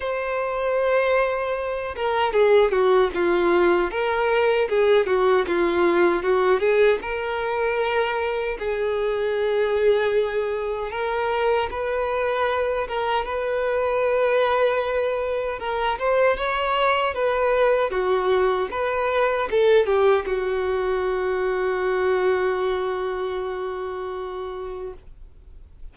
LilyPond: \new Staff \with { instrumentName = "violin" } { \time 4/4 \tempo 4 = 77 c''2~ c''8 ais'8 gis'8 fis'8 | f'4 ais'4 gis'8 fis'8 f'4 | fis'8 gis'8 ais'2 gis'4~ | gis'2 ais'4 b'4~ |
b'8 ais'8 b'2. | ais'8 c''8 cis''4 b'4 fis'4 | b'4 a'8 g'8 fis'2~ | fis'1 | }